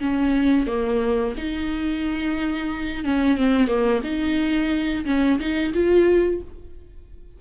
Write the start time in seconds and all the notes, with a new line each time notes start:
0.00 C#4
0.67 A#3
1.38 D#4
3.05 C#4
3.37 C4
3.68 A#3
4.04 D#4
5.05 C#4
5.40 D#4
5.74 F4